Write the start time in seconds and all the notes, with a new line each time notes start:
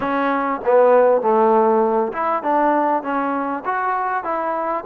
0.00 C#4
0.65 B3
1.21 A3
2.12 E4
2.42 D4
3.02 C#4
3.65 F#4
4.23 E4